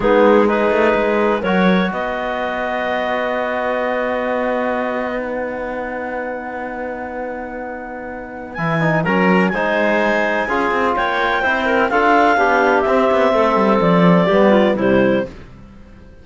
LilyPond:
<<
  \new Staff \with { instrumentName = "clarinet" } { \time 4/4 \tempo 4 = 126 gis'4 b'2 cis''4 | dis''1~ | dis''2. fis''4~ | fis''1~ |
fis''2 gis''4 ais''4 | gis''2. g''4~ | g''4 f''2 e''4~ | e''4 d''2 c''4 | }
  \new Staff \with { instrumentName = "clarinet" } { \time 4/4 dis'4 gis'2 ais'4 | b'1~ | b'1~ | b'1~ |
b'2. ais'4 | c''2 gis'4 cis''4 | c''8 ais'8 a'4 g'2 | a'2 g'8 f'8 e'4 | }
  \new Staff \with { instrumentName = "trombone" } { \time 4/4 b4 dis'2 fis'4~ | fis'1~ | fis'2~ fis'8. dis'4~ dis'16~ | dis'1~ |
dis'2 e'8 dis'8 cis'4 | dis'2 f'2 | e'4 f'4 d'4 c'4~ | c'2 b4 g4 | }
  \new Staff \with { instrumentName = "cello" } { \time 4/4 gis4. a8 gis4 fis4 | b1~ | b1~ | b1~ |
b2 e4 fis4 | gis2 cis'8 c'8 ais4 | c'4 d'4 b4 c'8 b8 | a8 g8 f4 g4 c4 | }
>>